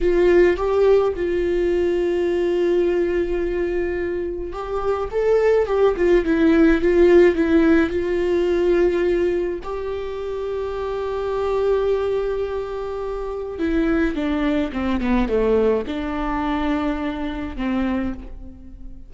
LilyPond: \new Staff \with { instrumentName = "viola" } { \time 4/4 \tempo 4 = 106 f'4 g'4 f'2~ | f'1 | g'4 a'4 g'8 f'8 e'4 | f'4 e'4 f'2~ |
f'4 g'2.~ | g'1 | e'4 d'4 c'8 b8 a4 | d'2. c'4 | }